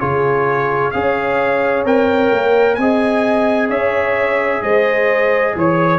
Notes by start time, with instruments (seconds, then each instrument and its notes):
0.00 tuba C#3, trombone F4, horn G#4, trumpet C#5
0.91 tuba C#4, trombone G#4, horn C#5, trumpet F5
1.85 tuba C4, trombone A#4, trumpet G5
2.32 tuba A#3
2.75 tuba C4, trombone G#4, horn D#5, trumpet G#5
3.70 tuba C#4, horn C#5, trumpet E5
4.62 tuba G#3, horn C5, trumpet D#5
5.55 tuba E3, horn C#5, trumpet C#5